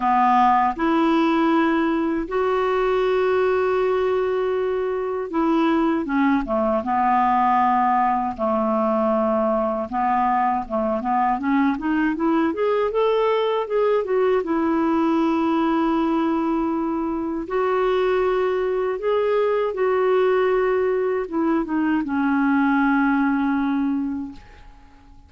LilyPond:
\new Staff \with { instrumentName = "clarinet" } { \time 4/4 \tempo 4 = 79 b4 e'2 fis'4~ | fis'2. e'4 | cis'8 a8 b2 a4~ | a4 b4 a8 b8 cis'8 dis'8 |
e'8 gis'8 a'4 gis'8 fis'8 e'4~ | e'2. fis'4~ | fis'4 gis'4 fis'2 | e'8 dis'8 cis'2. | }